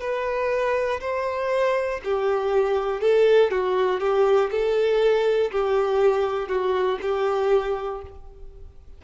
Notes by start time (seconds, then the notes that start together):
0.00 B4
1.01 C5
2.04 G4
3.01 A4
3.51 F#4
4.00 G4
4.51 A4
5.51 G4
6.49 F#4
7.02 G4